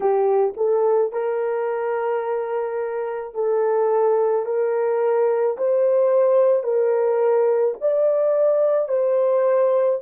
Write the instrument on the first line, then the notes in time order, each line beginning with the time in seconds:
horn
0.00 G4
0.57 A4
1.12 A#4
3.34 A4
4.45 A#4
5.57 C5
6.63 A#4
7.80 D5
8.88 C5